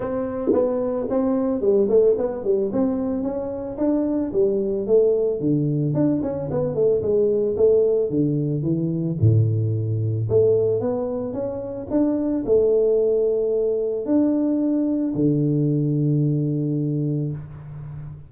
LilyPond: \new Staff \with { instrumentName = "tuba" } { \time 4/4 \tempo 4 = 111 c'4 b4 c'4 g8 a8 | b8 g8 c'4 cis'4 d'4 | g4 a4 d4 d'8 cis'8 | b8 a8 gis4 a4 d4 |
e4 a,2 a4 | b4 cis'4 d'4 a4~ | a2 d'2 | d1 | }